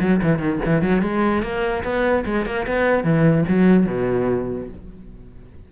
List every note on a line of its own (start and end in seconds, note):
0.00 0.20 F#3
0.23 0.39 E3
0.39 0.59 D#3
0.65 0.82 E3
0.82 1.02 F#3
1.02 1.42 G#3
1.43 1.83 A#3
1.84 2.24 B3
2.25 2.46 G#3
2.46 2.66 A#3
2.66 3.04 B3
3.04 3.45 E3
3.48 3.86 F#3
3.86 4.68 B2